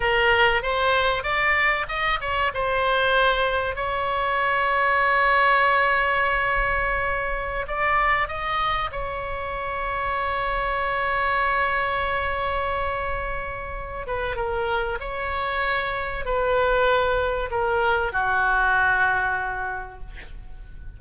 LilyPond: \new Staff \with { instrumentName = "oboe" } { \time 4/4 \tempo 4 = 96 ais'4 c''4 d''4 dis''8 cis''8 | c''2 cis''2~ | cis''1~ | cis''16 d''4 dis''4 cis''4.~ cis''16~ |
cis''1~ | cis''2~ cis''8 b'8 ais'4 | cis''2 b'2 | ais'4 fis'2. | }